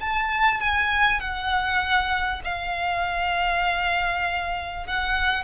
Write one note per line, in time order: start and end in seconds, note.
0.00 0.60 A5
0.60 1.20 G#5
1.20 2.41 F#5
2.44 4.87 F5
4.87 5.43 F#5